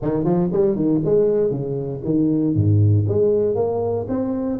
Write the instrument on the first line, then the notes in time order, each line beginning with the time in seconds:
tuba
0.02 D#3
0.24 F3
0.52 G3
0.75 D#3
1.04 G#3
1.50 C#3
2.04 D#3
2.55 G#2
3.08 G#3
3.55 A#3
4.08 C4